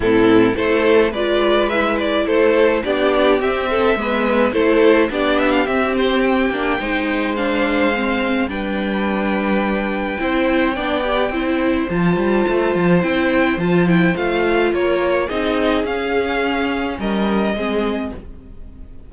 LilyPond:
<<
  \new Staff \with { instrumentName = "violin" } { \time 4/4 \tempo 4 = 106 a'4 c''4 d''4 e''8 d''8 | c''4 d''4 e''2 | c''4 d''8 e''16 f''16 e''8 c''8 g''4~ | g''4 f''2 g''4~ |
g''1~ | g''4 a''2 g''4 | a''8 g''8 f''4 cis''4 dis''4 | f''2 dis''2 | }
  \new Staff \with { instrumentName = "violin" } { \time 4/4 e'4 a'4 b'2 | a'4 g'4. a'8 b'4 | a'4 g'2. | c''2. b'4~ |
b'2 c''4 d''4 | c''1~ | c''2 ais'4 gis'4~ | gis'2 ais'4 gis'4 | }
  \new Staff \with { instrumentName = "viola" } { \time 4/4 c'4 e'4 f'4 e'4~ | e'4 d'4 c'4 b4 | e'4 d'4 c'4. d'8 | dis'4 d'4 c'4 d'4~ |
d'2 e'4 d'8 g'8 | e'4 f'2 e'4 | f'8 e'8 f'2 dis'4 | cis'2. c'4 | }
  \new Staff \with { instrumentName = "cello" } { \time 4/4 a,4 a4 gis2 | a4 b4 c'4 gis4 | a4 b4 c'4. ais8 | gis2. g4~ |
g2 c'4 b4 | c'4 f8 g8 a8 f8 c'4 | f4 a4 ais4 c'4 | cis'2 g4 gis4 | }
>>